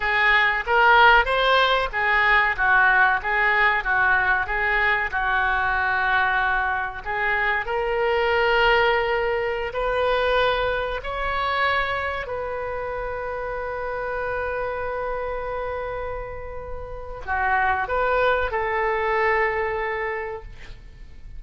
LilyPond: \new Staff \with { instrumentName = "oboe" } { \time 4/4 \tempo 4 = 94 gis'4 ais'4 c''4 gis'4 | fis'4 gis'4 fis'4 gis'4 | fis'2. gis'4 | ais'2.~ ais'16 b'8.~ |
b'4~ b'16 cis''2 b'8.~ | b'1~ | b'2. fis'4 | b'4 a'2. | }